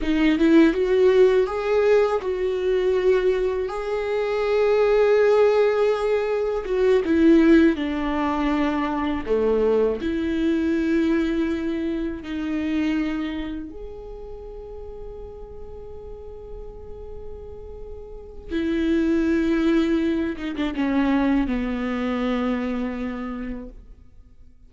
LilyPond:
\new Staff \with { instrumentName = "viola" } { \time 4/4 \tempo 4 = 81 dis'8 e'8 fis'4 gis'4 fis'4~ | fis'4 gis'2.~ | gis'4 fis'8 e'4 d'4.~ | d'8 a4 e'2~ e'8~ |
e'8 dis'2 gis'4.~ | gis'1~ | gis'4 e'2~ e'8 dis'16 d'16 | cis'4 b2. | }